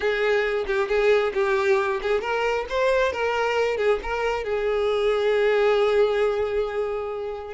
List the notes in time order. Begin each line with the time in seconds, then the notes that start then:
0.00 G#4
0.67 G4
0.88 G#4
1.34 G4
2.02 G#4
2.21 A#4
2.69 C5
3.12 A#4
3.77 G#4
4.02 A#4
4.44 G#4